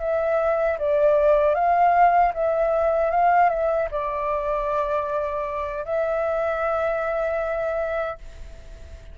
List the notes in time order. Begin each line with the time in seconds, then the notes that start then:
0.00 E5
0.79 D5
1.55 F5
2.34 E5
3.11 F5
3.50 E5
3.91 D5
5.85 E5